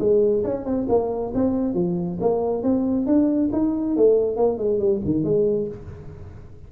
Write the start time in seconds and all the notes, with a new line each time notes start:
0.00 G#3
0.44 C#4
0.65 C4
0.89 A#3
1.35 C4
1.74 F3
2.21 A#3
2.63 C4
3.07 D4
3.53 D#4
3.97 A3
4.37 A#3
4.58 G#3
4.79 G3
5.05 D#3
5.24 G#3